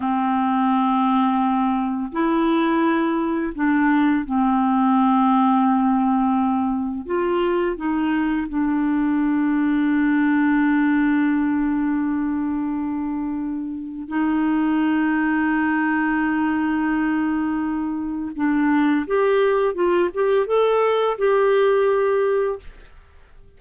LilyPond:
\new Staff \with { instrumentName = "clarinet" } { \time 4/4 \tempo 4 = 85 c'2. e'4~ | e'4 d'4 c'2~ | c'2 f'4 dis'4 | d'1~ |
d'1 | dis'1~ | dis'2 d'4 g'4 | f'8 g'8 a'4 g'2 | }